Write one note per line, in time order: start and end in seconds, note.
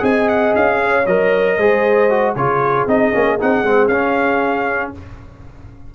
0.00 0.54 C4
0.00 1.03 G#4
0.00 0.80 D#5
0.00 0.29 G#5
0.29 0.55 F#5
0.55 1.06 C#4
0.55 1.06 F5
0.83 1.57 C#5
1.06 1.58 F#3
1.06 1.60 A#4
1.06 2.36 D#5
1.57 2.36 G#3
1.57 2.10 G#4
1.57 2.35 C5
2.10 2.36 F#4
2.36 2.87 C#3
2.36 2.88 F4
2.36 4.95 G#4
2.36 2.88 C#5
2.87 3.13 C4
2.87 3.13 D#4
2.87 3.40 D#5
3.13 3.41 A#3
3.13 3.39 C#4
3.40 3.64 C4
3.40 3.65 D#4
3.40 3.88 F#5
3.64 3.88 G#3
3.64 3.91 C4
3.88 4.91 C#4
3.88 4.95 C#4
3.88 4.92 F5